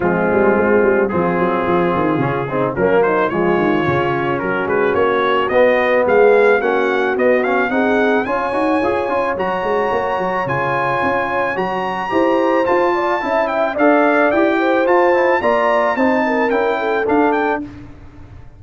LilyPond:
<<
  \new Staff \with { instrumentName = "trumpet" } { \time 4/4 \tempo 4 = 109 f'2 gis'2~ | gis'4 ais'8 c''8 cis''2 | ais'8 b'8 cis''4 dis''4 f''4 | fis''4 dis''8 f''8 fis''4 gis''4~ |
gis''4 ais''2 gis''4~ | gis''4 ais''2 a''4~ | a''8 g''8 f''4 g''4 a''4 | ais''4 a''4 g''4 f''8 g''8 | }
  \new Staff \with { instrumentName = "horn" } { \time 4/4 c'2 f'2~ | f'8 dis'8 cis'8 dis'8 f'2 | fis'2. gis'4 | fis'2 gis'4 cis''4~ |
cis''1~ | cis''2 c''4. d''8 | e''4 d''4. c''4. | d''4 c''8 ais'4 a'4. | }
  \new Staff \with { instrumentName = "trombone" } { \time 4/4 gis2 c'2 | cis'8 c'8 ais4 gis4 cis'4~ | cis'2 b2 | cis'4 b8 cis'8 dis'4 f'8 fis'8 |
gis'8 f'8 fis'2 f'4~ | f'4 fis'4 g'4 f'4 | e'4 a'4 g'4 f'8 e'8 | f'4 dis'4 e'4 d'4 | }
  \new Staff \with { instrumentName = "tuba" } { \time 4/4 f8 g8 gis8 g8 f8 fis8 f8 dis8 | cis4 fis4 f8 dis8 cis4 | fis8 gis8 ais4 b4 gis4 | ais4 b4 c'4 cis'8 dis'8 |
f'8 cis'8 fis8 gis8 ais8 fis8 cis4 | cis'4 fis4 e'4 f'4 | cis'4 d'4 e'4 f'4 | ais4 c'4 cis'4 d'4 | }
>>